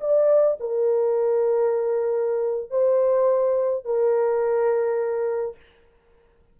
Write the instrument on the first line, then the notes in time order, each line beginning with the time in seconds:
horn
0.00 D5
0.60 A#4
2.70 C5
3.84 A#4